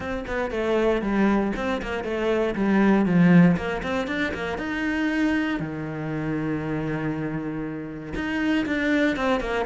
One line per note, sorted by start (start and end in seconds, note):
0.00 0.24 C4
0.27 0.50 B3
0.50 1.01 A3
1.01 1.52 G3
1.56 1.81 C4
1.82 2.03 A#3
2.03 2.54 A3
2.55 3.05 G3
3.05 3.56 F3
3.56 3.82 A#3
3.82 4.07 C4
4.07 4.32 D4
4.34 4.58 A#3
4.58 5.59 D#4
5.59 8.13 D#3
8.14 8.65 D#4
8.66 9.16 D4
9.16 9.40 C4
9.40 9.65 A#3